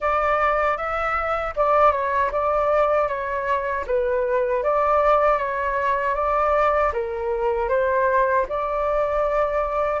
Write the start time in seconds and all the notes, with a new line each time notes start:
0.00 D5
0.77 E5
1.56 D5
1.91 C#5
2.31 D5
3.08 C#5
3.86 B4
4.63 D5
5.38 C#5
6.15 D5
6.92 A#4
7.69 C5
8.48 D5